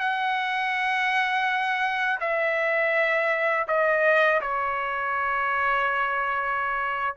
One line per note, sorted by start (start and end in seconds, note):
0.00 2.20 F#5
2.21 3.67 E5
3.68 4.41 D#5
4.42 7.16 C#5